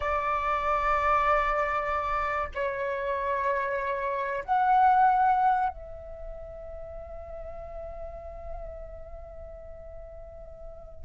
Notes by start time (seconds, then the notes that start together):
0.00 D5
2.54 C#5
4.44 F#5
5.69 E5